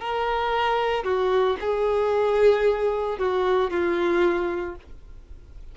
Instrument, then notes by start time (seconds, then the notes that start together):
violin
0.00 A#4
1.04 F#4
1.61 G#4
3.19 F#4
3.71 F4